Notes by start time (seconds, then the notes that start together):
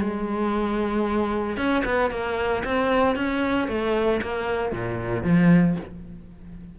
0.00 G#3
1.57 C#4
1.85 B3
2.10 A#3
2.64 C4
3.15 C#4
3.68 A3
4.22 A#3
4.72 A#2
5.23 F3